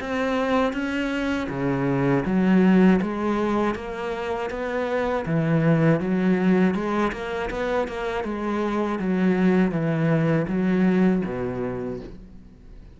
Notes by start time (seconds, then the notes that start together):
0.00 C4
0.72 C#4
1.49 C#3
2.25 F#3
3.01 G#3
3.75 A#3
4.50 B3
5.25 E3
6.00 F#3
6.74 G#3
7.12 A#3
7.50 B3
7.88 A#3
8.24 G#3
8.99 F#3
9.71 E3
10.47 F#3
11.24 B2